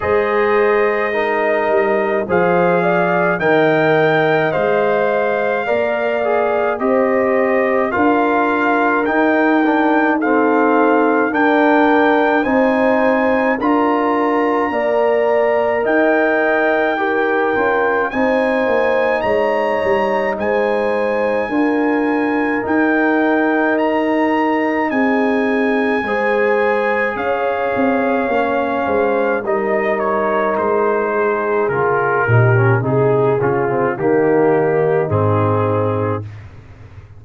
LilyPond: <<
  \new Staff \with { instrumentName = "trumpet" } { \time 4/4 \tempo 4 = 53 dis''2 f''4 g''4 | f''2 dis''4 f''4 | g''4 f''4 g''4 gis''4 | ais''2 g''2 |
gis''4 ais''4 gis''2 | g''4 ais''4 gis''2 | f''2 dis''8 cis''8 c''4 | ais'4 gis'8 f'8 g'4 gis'4 | }
  \new Staff \with { instrumentName = "horn" } { \time 4/4 c''4 ais'4 c''8 d''8 dis''4~ | dis''4 d''4 c''4 ais'4~ | ais'4 a'4 ais'4 c''4 | ais'4 d''4 dis''4 ais'4 |
c''4 cis''4 c''4 ais'4~ | ais'2 gis'4 c''4 | cis''4. c''8 ais'4. gis'8~ | gis'8 g'8 gis'4 dis'2 | }
  \new Staff \with { instrumentName = "trombone" } { \time 4/4 gis'4 dis'4 gis'4 ais'4 | c''4 ais'8 gis'8 g'4 f'4 | dis'8 d'8 c'4 d'4 dis'4 | f'4 ais'2 g'8 f'8 |
dis'2. f'4 | dis'2. gis'4~ | gis'4 cis'4 dis'2 | f'8 dis'16 cis'16 dis'8 cis'16 c'16 ais4 c'4 | }
  \new Staff \with { instrumentName = "tuba" } { \time 4/4 gis4. g8 f4 dis4 | gis4 ais4 c'4 d'4 | dis'2 d'4 c'4 | d'4 ais4 dis'4. cis'8 |
c'8 ais8 gis8 g8 gis4 d'4 | dis'2 c'4 gis4 | cis'8 c'8 ais8 gis8 g4 gis4 | cis8 ais,8 c8 cis8 dis4 gis,4 | }
>>